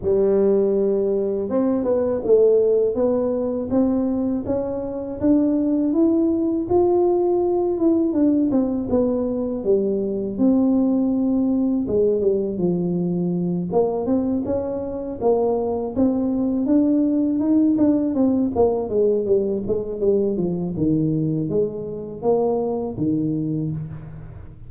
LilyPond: \new Staff \with { instrumentName = "tuba" } { \time 4/4 \tempo 4 = 81 g2 c'8 b8 a4 | b4 c'4 cis'4 d'4 | e'4 f'4. e'8 d'8 c'8 | b4 g4 c'2 |
gis8 g8 f4. ais8 c'8 cis'8~ | cis'8 ais4 c'4 d'4 dis'8 | d'8 c'8 ais8 gis8 g8 gis8 g8 f8 | dis4 gis4 ais4 dis4 | }